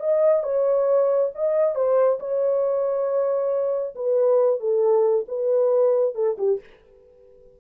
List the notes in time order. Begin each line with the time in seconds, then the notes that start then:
0.00 D#5
0.43 C#5
1.35 D#5
1.75 C5
2.20 C#5
3.95 B4
4.60 A4
5.28 B4
6.15 A4
6.38 G4